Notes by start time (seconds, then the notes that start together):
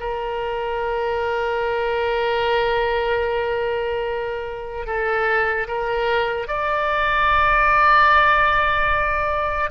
0.00 A#4
4.86 A4
5.68 A#4
6.47 D5